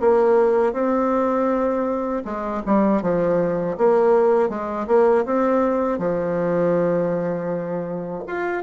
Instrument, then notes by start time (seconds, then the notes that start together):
bassoon
0.00 A#3
0.73 C4
2.25 G#3
2.66 G3
3.02 F3
3.77 A#3
4.49 G#3
4.87 A#3
5.25 C4
5.99 F3
8.27 F4